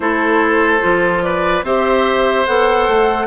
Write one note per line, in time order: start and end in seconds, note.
0.00 0.79 A3
0.00 0.80 E4
0.00 1.24 A4
0.00 1.22 C5
0.80 1.62 F3
0.80 1.62 F4
1.22 1.64 B4
1.22 1.63 D5
1.62 2.45 C4
1.62 2.47 G4
1.62 3.26 C5
1.62 2.46 E5
2.46 2.87 B3
2.46 3.26 A4
2.46 3.26 F#5
2.87 3.26 A3